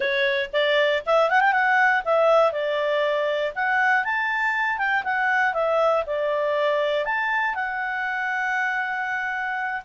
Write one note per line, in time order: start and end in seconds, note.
0.00 0.50 C#5
0.52 1.03 D5
1.06 1.29 E5
1.29 1.40 F#5
1.40 1.52 G5
1.52 2.02 F#5
2.04 2.52 E5
2.52 3.52 D5
3.55 4.04 F#5
4.04 4.78 A5
4.78 5.03 G5
5.04 5.53 F#5
5.53 6.03 E5
6.06 7.05 D5
7.05 7.54 A5
7.54 9.81 F#5